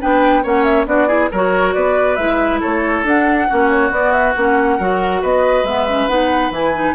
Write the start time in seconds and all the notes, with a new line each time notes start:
0.00 B3 D4 B4 G5
0.43 A#3 C#4 C#5 F#5
0.64 E5
0.86 B3 D4 F#4 D5
1.07 E4 G#4
1.31 F#3 F#4 A#4 C#5
1.73 B3 B4 D5
2.16 G#3 E4 E5
2.60 A3 A4 C#5
3.03 D4 F#5
3.48 A#3 C#4 F#4
3.69 C#5
3.91 B3 D5
4.12 E5
4.36 A#3 C#4 F#5
4.78 F#3 F#4 A#4
5.22 B3 B4 D#5
5.63 G#3 B3 E5
5.88 C#4
6.08 B3 D#4 F#5
6.50 E3 E4 G#5
6.74 D#4